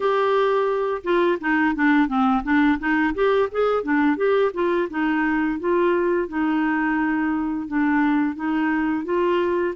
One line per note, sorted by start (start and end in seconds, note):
0.00 1.01 G4
1.03 1.38 F4
1.40 1.75 D#4
1.75 2.07 D4
2.07 2.42 C4
2.43 2.78 D4
2.79 3.14 D#4
3.14 3.49 G4
3.51 3.83 G#4
3.83 4.16 D4
4.16 4.51 G4
4.53 4.88 F4
4.90 5.59 D#4
5.59 6.28 F4
6.28 7.67 D#4
7.67 8.35 D4
8.35 9.04 D#4
9.04 9.74 F4